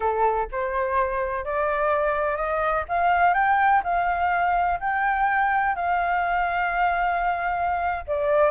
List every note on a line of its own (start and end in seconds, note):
0.00 0.48 A4
0.51 1.44 C5
1.44 2.36 D5
2.36 2.84 D#5
2.88 3.34 F5
3.34 3.82 G5
3.83 4.79 F5
4.80 5.75 G5
5.75 8.03 F5
8.07 8.50 D5